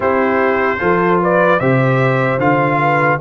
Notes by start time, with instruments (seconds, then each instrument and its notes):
0.00 tuba C4, trombone E4, horn G4, trumpet C5
0.78 tuba F3, trombone F4, horn A4
1.21 horn B4, trumpet D5
1.59 tuba C3, trombone G4, horn C5, trumpet E5
2.38 tuba D3, trombone F4, trumpet F5
2.80 horn B4